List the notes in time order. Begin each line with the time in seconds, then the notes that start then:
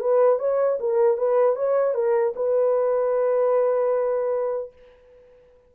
0.00 B4
0.39 C#5
0.80 A#4
1.17 B4
1.56 C#5
1.94 A#4
2.36 B4